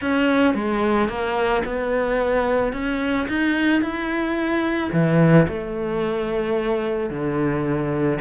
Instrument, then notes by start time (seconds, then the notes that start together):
cello
0.01 C#4
0.54 G#3
1.08 A#3
1.64 B3
2.72 C#4
3.28 D#4
3.81 E4
4.92 E3
5.48 A3
7.10 D3